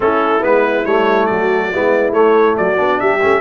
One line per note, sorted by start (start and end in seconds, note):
0.00 0.43 A3
0.00 0.40 C#4
0.00 1.30 E4
0.00 0.43 A4
0.40 0.85 G#3
0.40 0.83 B3
0.40 0.85 B4
0.85 1.28 G3
0.85 1.72 A3
0.85 1.26 C#5
1.26 1.73 F#3
1.26 1.72 F#4
1.26 2.11 D5
1.72 2.12 G#3
1.72 2.12 B3
1.72 2.58 E4
2.12 2.55 A3
2.12 2.76 A3
2.12 2.56 C#5
2.57 2.78 F#3
2.57 3.00 F#4
2.57 2.99 D5
2.76 2.99 B3
2.76 3.19 D4
2.99 3.22 G3
2.99 3.40 G4
2.99 3.40 E5
3.21 3.40 A3
3.21 3.40 C#4